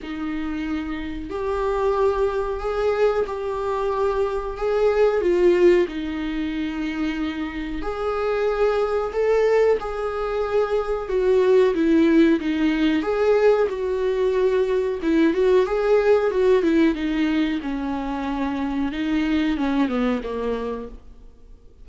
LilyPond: \new Staff \with { instrumentName = "viola" } { \time 4/4 \tempo 4 = 92 dis'2 g'2 | gis'4 g'2 gis'4 | f'4 dis'2. | gis'2 a'4 gis'4~ |
gis'4 fis'4 e'4 dis'4 | gis'4 fis'2 e'8 fis'8 | gis'4 fis'8 e'8 dis'4 cis'4~ | cis'4 dis'4 cis'8 b8 ais4 | }